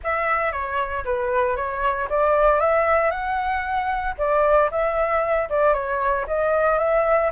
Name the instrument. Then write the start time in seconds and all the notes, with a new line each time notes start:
flute
0.03 E5
0.51 C#5
1.04 B4
1.56 C#5
2.09 D5
2.60 E5
3.10 F#5
4.17 D5
4.70 E5
5.49 D5
5.73 C#5
6.27 D#5
6.78 E5